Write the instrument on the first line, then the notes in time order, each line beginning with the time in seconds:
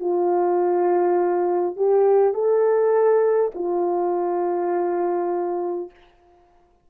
horn
0.00 F4
1.76 G4
2.34 A4
3.55 F4